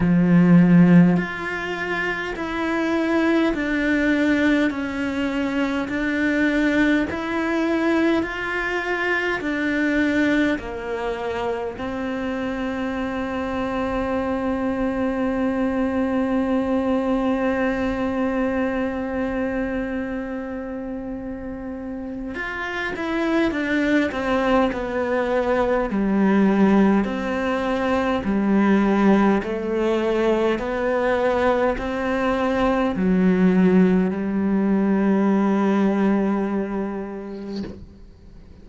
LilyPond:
\new Staff \with { instrumentName = "cello" } { \time 4/4 \tempo 4 = 51 f4 f'4 e'4 d'4 | cis'4 d'4 e'4 f'4 | d'4 ais4 c'2~ | c'1~ |
c'2. f'8 e'8 | d'8 c'8 b4 g4 c'4 | g4 a4 b4 c'4 | fis4 g2. | }